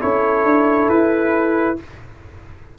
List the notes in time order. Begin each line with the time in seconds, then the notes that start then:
0.00 C#4 E4 A4 C#5
0.44 D4
0.89 E4 B4